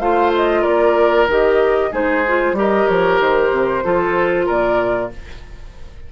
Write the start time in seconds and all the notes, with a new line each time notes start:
0.00 A3 F4 C5 F5
0.36 D#5
0.62 A#3 A#4 D5
1.28 D#3 G4 D#5
1.92 G#3 D#4 G#4 C5
2.28 F4
2.53 G3 G4 A#4
2.60 D#5
2.88 F3 C#5
3.20 D#3 C5
3.51 C3
3.84 F3 F4 A4
4.46 A#2 A#4 D5